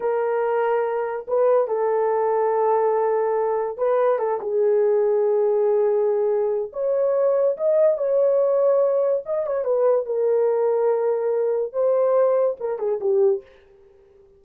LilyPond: \new Staff \with { instrumentName = "horn" } { \time 4/4 \tempo 4 = 143 ais'2. b'4 | a'1~ | a'4 b'4 a'8 gis'4.~ | gis'1 |
cis''2 dis''4 cis''4~ | cis''2 dis''8 cis''8 b'4 | ais'1 | c''2 ais'8 gis'8 g'4 | }